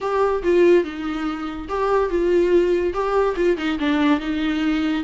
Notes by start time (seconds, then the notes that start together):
0.00 G4
0.43 F4
0.84 D#4
1.68 G4
2.09 F4
2.93 G4
3.36 F4
3.57 D#4
3.79 D4
4.20 D#4